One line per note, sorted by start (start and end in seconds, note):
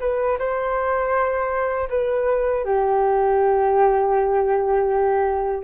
0.00 0.38 B4
0.39 1.89 C5
1.89 2.64 B4
2.64 5.63 G4